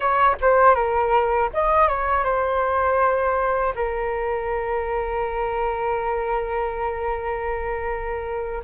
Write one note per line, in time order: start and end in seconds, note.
0.00 0.35 C#5
0.41 0.74 C5
0.74 1.49 A#4
1.53 1.88 D#5
1.88 2.24 C#5
2.24 3.74 C5
3.75 8.62 A#4